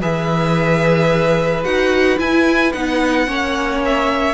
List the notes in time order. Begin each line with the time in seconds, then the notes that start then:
0.00 E3 G#4 B4 E5
1.64 D#4 F#4 F#5
2.17 E4 G#5
2.72 B3 D#4 F#5
3.26 A#3 C#4 C#5
3.85 E5